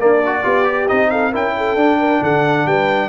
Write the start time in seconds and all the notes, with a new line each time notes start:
0.00 A#3 D4 D5
0.26 F#4
0.42 B3 F4 G4
0.64 G4
0.88 C4 D#4 D#5
1.10 A4 F5
1.31 C#4 E4 A#4 G5
1.57 A4
1.76 D4
1.99 A#4
2.22 D3 A4 F#5
2.66 G3 B4 G5